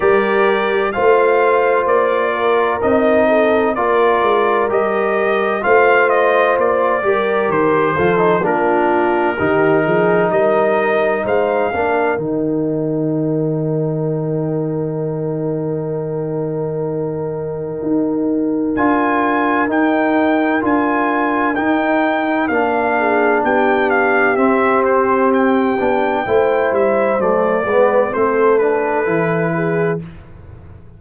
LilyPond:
<<
  \new Staff \with { instrumentName = "trumpet" } { \time 4/4 \tempo 4 = 64 d''4 f''4 d''4 dis''4 | d''4 dis''4 f''8 dis''8 d''4 | c''4 ais'2 dis''4 | f''4 g''2.~ |
g''1 | gis''4 g''4 gis''4 g''4 | f''4 g''8 f''8 e''8 c''8 g''4~ | g''8 e''8 d''4 c''8 b'4. | }
  \new Staff \with { instrumentName = "horn" } { \time 4/4 ais'4 c''4. ais'4 a'8 | ais'2 c''4. ais'8~ | ais'8 a'8 f'4 g'8 gis'8 ais'4 | c''8 ais'2.~ ais'8~ |
ais'1~ | ais'1~ | ais'8 gis'8 g'2. | c''4. b'8 a'4. gis'8 | }
  \new Staff \with { instrumentName = "trombone" } { \time 4/4 g'4 f'2 dis'4 | f'4 g'4 f'4. g'8~ | g'8 f'16 dis'16 d'4 dis'2~ | dis'8 d'8 dis'2.~ |
dis'1 | f'4 dis'4 f'4 dis'4 | d'2 c'4. d'8 | e'4 a8 b8 c'8 d'8 e'4 | }
  \new Staff \with { instrumentName = "tuba" } { \time 4/4 g4 a4 ais4 c'4 | ais8 gis8 g4 a4 ais8 g8 | dis8 f8 ais4 dis8 f8 g4 | gis8 ais8 dis2.~ |
dis2. dis'4 | d'4 dis'4 d'4 dis'4 | ais4 b4 c'4. b8 | a8 g8 fis8 gis8 a4 e4 | }
>>